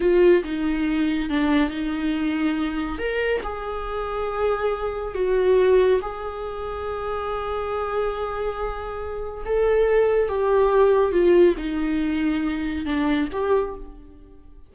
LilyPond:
\new Staff \with { instrumentName = "viola" } { \time 4/4 \tempo 4 = 140 f'4 dis'2 d'4 | dis'2. ais'4 | gis'1 | fis'2 gis'2~ |
gis'1~ | gis'2 a'2 | g'2 f'4 dis'4~ | dis'2 d'4 g'4 | }